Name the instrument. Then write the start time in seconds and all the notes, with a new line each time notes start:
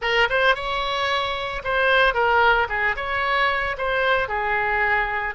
oboe
0.01 A#4
0.29 C5
0.55 C#5
1.64 C5
2.14 A#4
2.68 G#4
2.96 C#5
3.77 C5
4.28 G#4